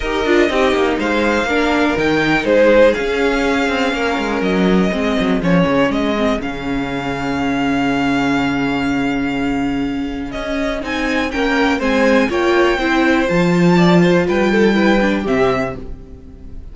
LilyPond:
<<
  \new Staff \with { instrumentName = "violin" } { \time 4/4 \tempo 4 = 122 dis''2 f''2 | g''4 c''4 f''2~ | f''4 dis''2 cis''4 | dis''4 f''2.~ |
f''1~ | f''4 dis''4 gis''4 g''4 | gis''4 g''2 a''4~ | a''4 g''2 e''4 | }
  \new Staff \with { instrumentName = "violin" } { \time 4/4 ais'4 g'4 c''4 ais'4~ | ais'4 gis'2. | ais'2 gis'2~ | gis'1~ |
gis'1~ | gis'2. ais'4 | c''4 cis''4 c''2 | d''8 c''8 b'8 a'8 b'4 g'4 | }
  \new Staff \with { instrumentName = "viola" } { \time 4/4 g'8 f'8 dis'2 d'4 | dis'2 cis'2~ | cis'2 c'4 cis'4~ | cis'8 c'8 cis'2.~ |
cis'1~ | cis'2 dis'4 cis'4 | c'4 f'4 e'4 f'4~ | f'2 e'8 d'8 c'4 | }
  \new Staff \with { instrumentName = "cello" } { \time 4/4 dis'8 d'8 c'8 ais8 gis4 ais4 | dis4 gis4 cis'4. c'8 | ais8 gis8 fis4 gis8 fis8 f8 cis8 | gis4 cis2.~ |
cis1~ | cis4 cis'4 c'4 ais4 | gis4 ais4 c'4 f4~ | f4 g2 c4 | }
>>